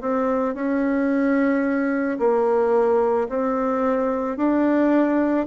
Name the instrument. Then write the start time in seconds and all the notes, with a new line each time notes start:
bassoon
0.00 C4
0.54 C#4
2.19 A#3
3.28 C4
4.37 D4